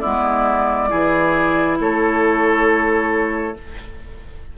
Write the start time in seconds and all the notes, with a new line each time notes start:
0.00 G#3 B3 E4 D5
0.89 E3 E4 G#4
1.79 A3 A4 C#5